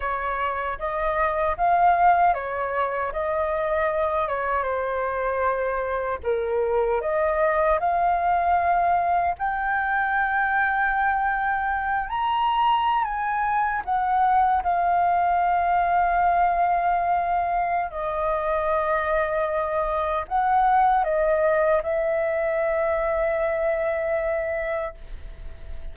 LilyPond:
\new Staff \with { instrumentName = "flute" } { \time 4/4 \tempo 4 = 77 cis''4 dis''4 f''4 cis''4 | dis''4. cis''8 c''2 | ais'4 dis''4 f''2 | g''2.~ g''8 ais''8~ |
ais''8. gis''4 fis''4 f''4~ f''16~ | f''2. dis''4~ | dis''2 fis''4 dis''4 | e''1 | }